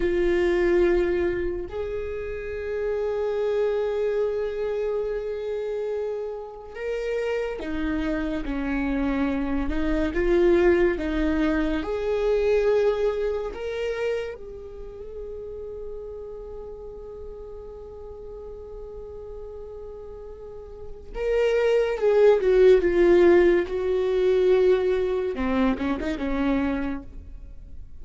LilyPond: \new Staff \with { instrumentName = "viola" } { \time 4/4 \tempo 4 = 71 f'2 gis'2~ | gis'1 | ais'4 dis'4 cis'4. dis'8 | f'4 dis'4 gis'2 |
ais'4 gis'2.~ | gis'1~ | gis'4 ais'4 gis'8 fis'8 f'4 | fis'2 c'8 cis'16 dis'16 cis'4 | }